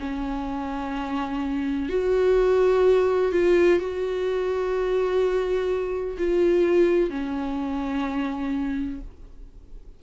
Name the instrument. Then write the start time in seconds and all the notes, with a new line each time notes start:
viola
0.00 C#4
1.89 F#4
3.32 F4
3.79 F#4
6.18 F4
7.10 C#4